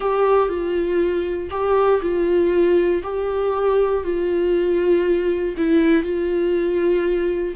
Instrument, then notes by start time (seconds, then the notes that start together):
viola
0.00 G4
0.48 F4
1.50 G4
2.01 F4
3.03 G4
4.04 F4
5.57 E4
6.03 F4